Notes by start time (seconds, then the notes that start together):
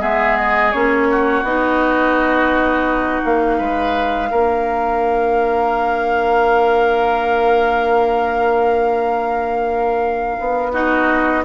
0.00 G#3 B3 G#4 E5
0.36 D#5
0.71 A#3 C#4 C#5
1.11 F#4
1.43 B3 D#4 D#5
3.24 A#3 F5
3.58 G#3 B4
4.31 A#3 D4 A#4
10.39 B3
10.72 D#4 F#4 D#5